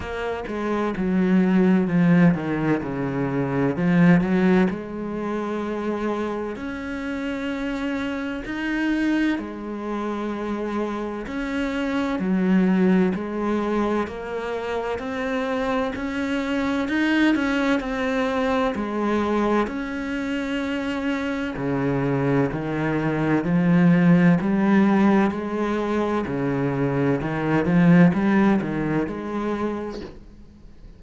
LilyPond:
\new Staff \with { instrumentName = "cello" } { \time 4/4 \tempo 4 = 64 ais8 gis8 fis4 f8 dis8 cis4 | f8 fis8 gis2 cis'4~ | cis'4 dis'4 gis2 | cis'4 fis4 gis4 ais4 |
c'4 cis'4 dis'8 cis'8 c'4 | gis4 cis'2 cis4 | dis4 f4 g4 gis4 | cis4 dis8 f8 g8 dis8 gis4 | }